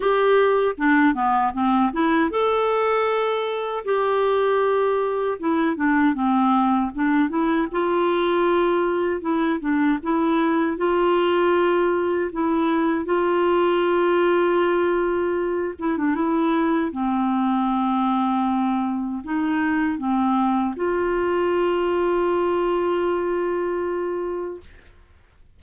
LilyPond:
\new Staff \with { instrumentName = "clarinet" } { \time 4/4 \tempo 4 = 78 g'4 d'8 b8 c'8 e'8 a'4~ | a'4 g'2 e'8 d'8 | c'4 d'8 e'8 f'2 | e'8 d'8 e'4 f'2 |
e'4 f'2.~ | f'8 e'16 d'16 e'4 c'2~ | c'4 dis'4 c'4 f'4~ | f'1 | }